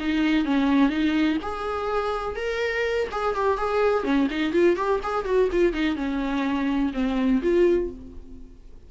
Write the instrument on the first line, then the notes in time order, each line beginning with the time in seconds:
viola
0.00 D#4
0.45 C#4
0.90 D#4
1.43 G#4
2.36 A#4
3.12 G#4
3.35 G4
3.58 G#4
4.04 C#4
4.31 D#4
4.53 F4
4.77 G4
5.04 G#4
5.26 F#4
5.52 F4
5.73 D#4
5.97 C#4
6.94 C4
7.43 F4